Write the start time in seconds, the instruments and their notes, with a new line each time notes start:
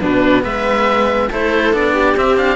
0.00 cello B2 B3, viola D4, oboe B4
0.43 cello G#3, viola B4, oboe E5
1.30 cello A3 E4, viola A4, oboe C5
1.72 cello B3 D4, oboe D5
1.93 viola G4
2.16 cello C4, oboe E5
2.36 cello D4, oboe F5